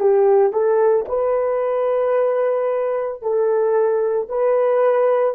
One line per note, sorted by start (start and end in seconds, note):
0.00 0.53 G4
0.53 1.06 A4
1.09 3.22 B4
3.22 4.29 A4
4.29 5.35 B4